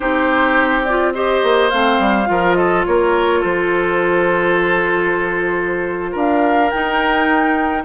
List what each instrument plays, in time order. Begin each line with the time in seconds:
0.00 bassoon C4, clarinet D#4, oboe G4, flute C5
0.83 clarinet F4, flute D5
1.14 clarinet G4, oboe C5, flute D#5
1.43 bassoon A#3
1.69 bassoon A3, clarinet C4, flute F5
1.99 bassoon G3
2.25 bassoon F3, clarinet F4, oboe A#4
2.54 oboe A4, flute D#5
2.85 bassoon A#3, oboe A#4, flute C#5
3.39 bassoon F3, oboe A4, flute C5
6.12 bassoon D4, oboe A#4, flute F5
6.70 clarinet D#4, bassoon D#4, flute G5